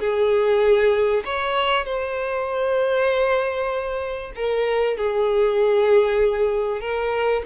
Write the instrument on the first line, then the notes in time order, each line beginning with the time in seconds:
violin
0.00 G#4
1.25 C#5
1.85 C5
4.36 A#4
4.97 G#4
6.81 A#4